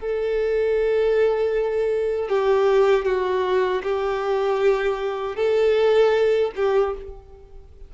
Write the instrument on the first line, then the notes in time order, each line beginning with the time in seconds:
violin
0.00 A4
2.29 G4
3.05 F#4
3.83 G4
5.36 A4
6.56 G4